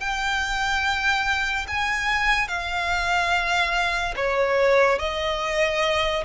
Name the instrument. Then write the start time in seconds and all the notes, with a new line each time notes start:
violin
0.00 G5
1.68 G#5
2.48 F5
4.16 C#5
4.99 D#5